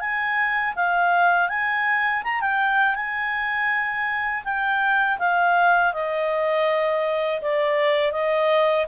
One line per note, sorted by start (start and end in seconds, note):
0.00 0.74 G#5
0.75 1.49 F5
1.49 2.23 G#5
2.24 2.41 A#5
2.41 2.95 G5
2.95 4.43 G#5
4.44 5.19 G5
5.19 5.93 F5
5.93 7.41 D#5
7.42 8.12 D5
8.12 8.86 D#5